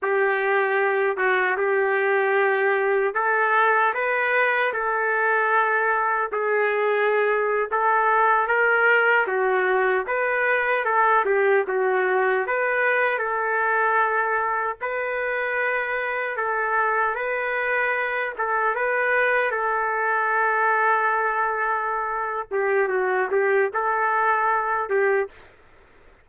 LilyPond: \new Staff \with { instrumentName = "trumpet" } { \time 4/4 \tempo 4 = 76 g'4. fis'8 g'2 | a'4 b'4 a'2 | gis'4.~ gis'16 a'4 ais'4 fis'16~ | fis'8. b'4 a'8 g'8 fis'4 b'16~ |
b'8. a'2 b'4~ b'16~ | b'8. a'4 b'4. a'8 b'16~ | b'8. a'2.~ a'16~ | a'8 g'8 fis'8 g'8 a'4. g'8 | }